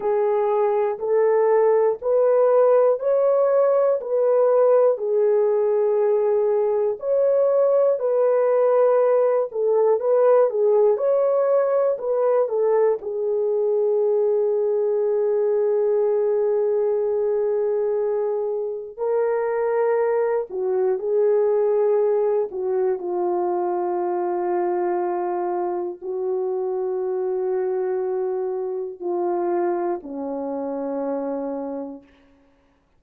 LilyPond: \new Staff \with { instrumentName = "horn" } { \time 4/4 \tempo 4 = 60 gis'4 a'4 b'4 cis''4 | b'4 gis'2 cis''4 | b'4. a'8 b'8 gis'8 cis''4 | b'8 a'8 gis'2.~ |
gis'2. ais'4~ | ais'8 fis'8 gis'4. fis'8 f'4~ | f'2 fis'2~ | fis'4 f'4 cis'2 | }